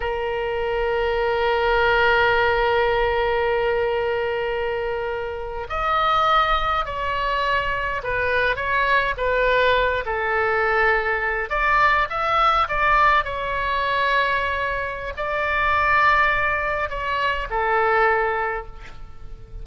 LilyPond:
\new Staff \with { instrumentName = "oboe" } { \time 4/4 \tempo 4 = 103 ais'1~ | ais'1~ | ais'4.~ ais'16 dis''2 cis''16~ | cis''4.~ cis''16 b'4 cis''4 b'16~ |
b'4~ b'16 a'2~ a'8 d''16~ | d''8. e''4 d''4 cis''4~ cis''16~ | cis''2 d''2~ | d''4 cis''4 a'2 | }